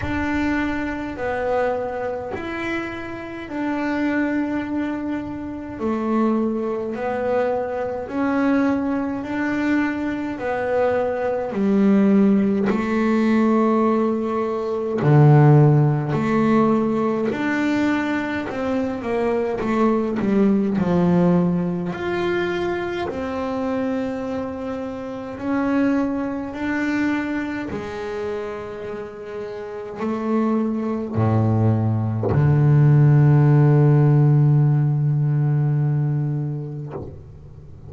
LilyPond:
\new Staff \with { instrumentName = "double bass" } { \time 4/4 \tempo 4 = 52 d'4 b4 e'4 d'4~ | d'4 a4 b4 cis'4 | d'4 b4 g4 a4~ | a4 d4 a4 d'4 |
c'8 ais8 a8 g8 f4 f'4 | c'2 cis'4 d'4 | gis2 a4 a,4 | d1 | }